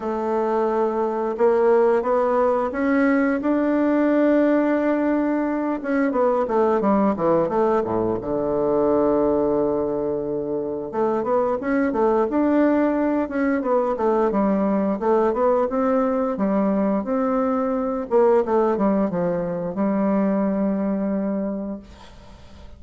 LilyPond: \new Staff \with { instrumentName = "bassoon" } { \time 4/4 \tempo 4 = 88 a2 ais4 b4 | cis'4 d'2.~ | d'8 cis'8 b8 a8 g8 e8 a8 a,8 | d1 |
a8 b8 cis'8 a8 d'4. cis'8 | b8 a8 g4 a8 b8 c'4 | g4 c'4. ais8 a8 g8 | f4 g2. | }